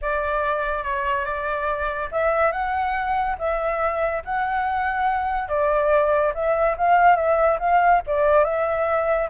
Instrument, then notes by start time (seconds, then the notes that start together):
flute
0.01 D5
0.83 C#5
1.24 D5
2.11 E5
2.51 F#5
3.38 E5
4.24 F#5
5.48 D5
6.34 E5
6.77 F5
7.15 E5
7.59 F5
8.06 D5
8.44 E5